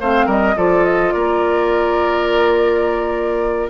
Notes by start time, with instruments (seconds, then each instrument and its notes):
0.00 bassoon A3, clarinet C4, oboe C5, flute F5
0.26 bassoon G3, oboe A#4, flute D#5
0.56 bassoon F3, clarinet F4, oboe A4, flute D5
0.84 flute D#5
1.12 bassoon A#3, oboe A#4, flute D5